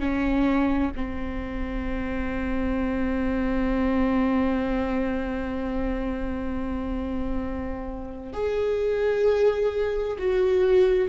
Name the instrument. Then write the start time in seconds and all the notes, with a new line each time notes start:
viola
0.00 C#4
0.96 C4
8.33 G#4
10.19 F#4